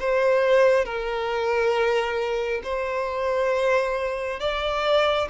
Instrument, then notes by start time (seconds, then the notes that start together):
violin
0.00 C5
0.85 A#4
2.64 C5
4.40 D5